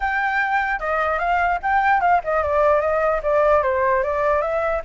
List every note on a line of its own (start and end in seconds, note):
0.00 0.79 G5
0.79 1.19 D#5
1.19 1.59 F5
1.62 2.01 G5
2.01 2.21 F5
2.23 2.43 D#5
2.43 2.80 D5
2.80 3.21 D#5
3.22 3.62 D5
3.62 4.03 C5
4.03 4.41 D5
4.41 4.82 E5